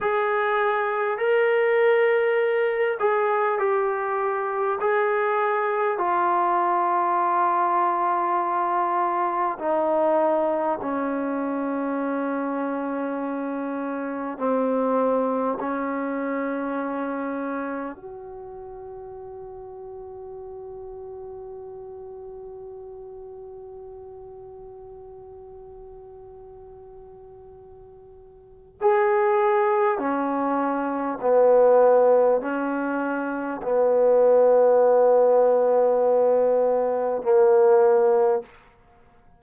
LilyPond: \new Staff \with { instrumentName = "trombone" } { \time 4/4 \tempo 4 = 50 gis'4 ais'4. gis'8 g'4 | gis'4 f'2. | dis'4 cis'2. | c'4 cis'2 fis'4~ |
fis'1~ | fis'1 | gis'4 cis'4 b4 cis'4 | b2. ais4 | }